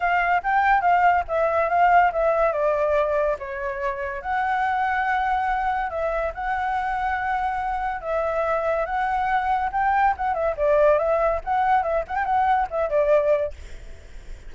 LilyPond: \new Staff \with { instrumentName = "flute" } { \time 4/4 \tempo 4 = 142 f''4 g''4 f''4 e''4 | f''4 e''4 d''2 | cis''2 fis''2~ | fis''2 e''4 fis''4~ |
fis''2. e''4~ | e''4 fis''2 g''4 | fis''8 e''8 d''4 e''4 fis''4 | e''8 fis''16 g''16 fis''4 e''8 d''4. | }